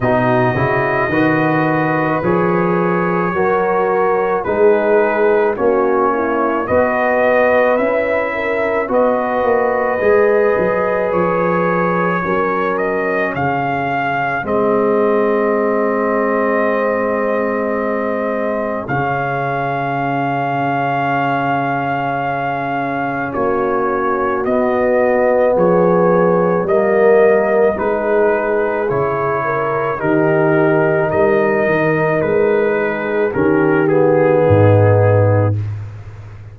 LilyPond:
<<
  \new Staff \with { instrumentName = "trumpet" } { \time 4/4 \tempo 4 = 54 dis''2 cis''2 | b'4 cis''4 dis''4 e''4 | dis''2 cis''4. dis''8 | f''4 dis''2.~ |
dis''4 f''2.~ | f''4 cis''4 dis''4 cis''4 | dis''4 b'4 cis''4 ais'4 | dis''4 b'4 ais'8 gis'4. | }
  \new Staff \with { instrumentName = "horn" } { \time 4/4 fis'4 b'2 ais'4 | gis'4 fis'8 e'8 b'4. ais'8 | b'2. ais'4 | gis'1~ |
gis'1~ | gis'4 fis'2 gis'4 | ais'4 gis'4. ais'8 g'4 | ais'4. gis'8 g'4 dis'4 | }
  \new Staff \with { instrumentName = "trombone" } { \time 4/4 dis'8 e'8 fis'4 gis'4 fis'4 | dis'4 cis'4 fis'4 e'4 | fis'4 gis'2 cis'4~ | cis'4 c'2.~ |
c'4 cis'2.~ | cis'2 b2 | ais4 dis'4 e'4 dis'4~ | dis'2 cis'8 b4. | }
  \new Staff \with { instrumentName = "tuba" } { \time 4/4 b,8 cis8 dis4 f4 fis4 | gis4 ais4 b4 cis'4 | b8 ais8 gis8 fis8 f4 fis4 | cis4 gis2.~ |
gis4 cis2.~ | cis4 ais4 b4 f4 | g4 gis4 cis4 dis4 | g8 dis8 gis4 dis4 gis,4 | }
>>